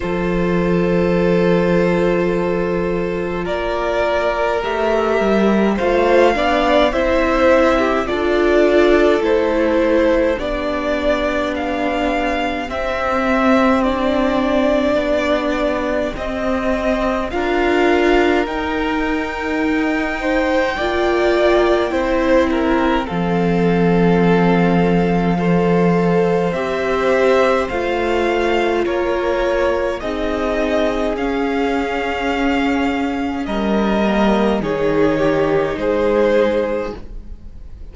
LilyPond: <<
  \new Staff \with { instrumentName = "violin" } { \time 4/4 \tempo 4 = 52 c''2. d''4 | e''4 f''4 e''4 d''4 | c''4 d''4 f''4 e''4 | d''2 dis''4 f''4 |
g''1 | f''2. e''4 | f''4 cis''4 dis''4 f''4~ | f''4 dis''4 cis''4 c''4 | }
  \new Staff \with { instrumentName = "violin" } { \time 4/4 a'2. ais'4~ | ais'4 c''8 d''8 c''8. g'16 a'4~ | a'4 g'2.~ | g'2. ais'4~ |
ais'4. c''8 d''4 c''8 ais'8 | a'2 c''2~ | c''4 ais'4 gis'2~ | gis'4 ais'4 gis'8 g'8 gis'4 | }
  \new Staff \with { instrumentName = "viola" } { \time 4/4 f'1 | g'4 f'8 d'8 e'4 f'4 | e'4 d'2 c'4 | d'2 c'4 f'4 |
dis'2 f'4 e'4 | c'2 a'4 g'4 | f'2 dis'4 cis'4~ | cis'4. ais8 dis'2 | }
  \new Staff \with { instrumentName = "cello" } { \time 4/4 f2. ais4 | a8 g8 a8 b8 c'4 d'4 | a4 b2 c'4~ | c'4 b4 c'4 d'4 |
dis'2 ais4 c'4 | f2. c'4 | a4 ais4 c'4 cis'4~ | cis'4 g4 dis4 gis4 | }
>>